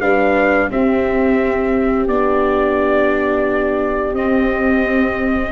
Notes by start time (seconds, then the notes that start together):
0.00 G3 D4 B4 F5
0.70 C4 G4 E5
2.07 B3 D4 D5
4.13 C4 D#5